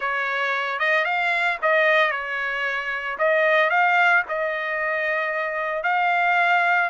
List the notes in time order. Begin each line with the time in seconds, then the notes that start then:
0.00 C#5
0.79 D#5
1.05 F5
1.61 D#5
2.11 C#5
3.18 D#5
3.70 F5
4.28 D#5
5.83 F5